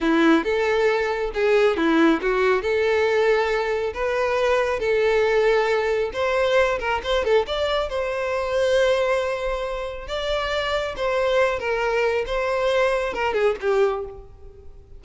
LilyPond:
\new Staff \with { instrumentName = "violin" } { \time 4/4 \tempo 4 = 137 e'4 a'2 gis'4 | e'4 fis'4 a'2~ | a'4 b'2 a'4~ | a'2 c''4. ais'8 |
c''8 a'8 d''4 c''2~ | c''2. d''4~ | d''4 c''4. ais'4. | c''2 ais'8 gis'8 g'4 | }